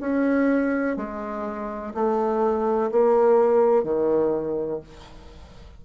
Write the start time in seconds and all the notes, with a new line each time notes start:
0.00 C#4
0.96 G#3
1.94 A3
2.91 A#3
3.83 D#3